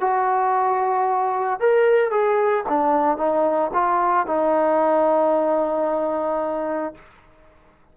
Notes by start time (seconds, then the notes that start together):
0.00 F#4
1.59 A#4
2.11 G#4
2.68 D4
3.17 D#4
3.73 F4
4.26 D#4